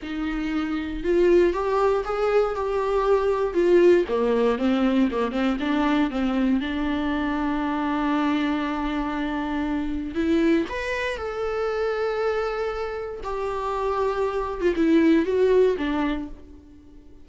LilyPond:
\new Staff \with { instrumentName = "viola" } { \time 4/4 \tempo 4 = 118 dis'2 f'4 g'4 | gis'4 g'2 f'4 | ais4 c'4 ais8 c'8 d'4 | c'4 d'2.~ |
d'1 | e'4 b'4 a'2~ | a'2 g'2~ | g'8. f'16 e'4 fis'4 d'4 | }